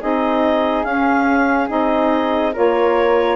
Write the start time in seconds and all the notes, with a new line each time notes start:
0.00 C4 D#4 G#4 D#5
0.83 C#4 F5
1.68 C4 D#4 D#5
2.52 A#3 F4 A#4 C#5